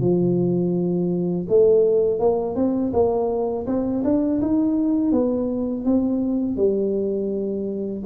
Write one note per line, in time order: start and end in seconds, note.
0.00 1.46 F3
1.48 2.19 A3
2.19 2.55 A#3
2.55 2.92 C4
2.93 3.66 A#3
3.66 4.03 C4
4.04 4.41 D4
4.41 5.12 D#4
5.12 5.85 B3
5.85 6.56 C4
6.56 8.03 G3